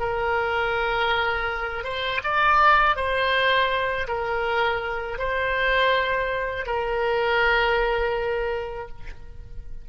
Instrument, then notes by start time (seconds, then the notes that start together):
oboe
0.00 A#4
1.84 C5
2.24 D5
2.97 C5
4.08 A#4
5.19 C5
6.67 A#4